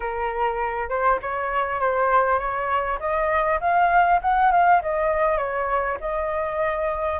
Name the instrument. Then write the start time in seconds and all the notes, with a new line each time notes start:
flute
0.00 A#4
0.89 C5
1.22 C#5
1.80 C5
2.38 C#5
2.99 D#5
3.60 F5
4.21 F#5
4.51 F5
4.82 D#5
5.37 C#5
6.00 D#5